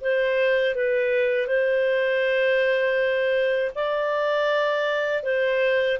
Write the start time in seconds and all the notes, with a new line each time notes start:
0.00 C5
0.74 B4
1.47 C5
3.75 D5
5.23 C5